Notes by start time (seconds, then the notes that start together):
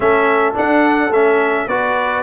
0.00 A3 C#4 A4 E5
0.54 D4 F#5
1.09 A3 C#4 E5
1.67 B3 F#4 B4 D5